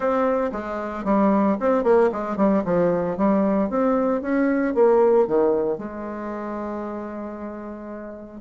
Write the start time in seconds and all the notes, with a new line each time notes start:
0.00 C4
0.51 G#3
1.04 G3
1.60 C4
1.83 A#3
2.12 G#3
2.37 G3
2.65 F3
3.17 G3
3.69 C4
4.21 C#4
4.74 A#3
5.27 D#3
5.78 G#3